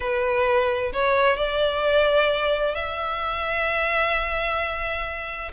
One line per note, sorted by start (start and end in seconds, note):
0.00 0.92 B4
0.92 1.36 C#5
1.36 2.74 D5
2.74 5.51 E5